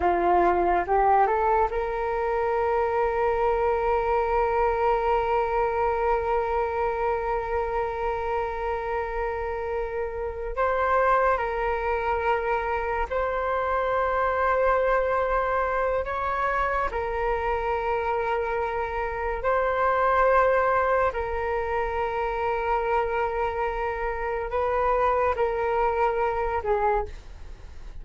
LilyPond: \new Staff \with { instrumentName = "flute" } { \time 4/4 \tempo 4 = 71 f'4 g'8 a'8 ais'2~ | ais'1~ | ais'1~ | ais'8 c''4 ais'2 c''8~ |
c''2. cis''4 | ais'2. c''4~ | c''4 ais'2.~ | ais'4 b'4 ais'4. gis'8 | }